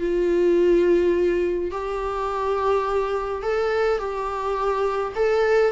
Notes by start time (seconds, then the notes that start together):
0.00 F4
1.71 G4
3.43 A4
3.99 G4
5.16 A4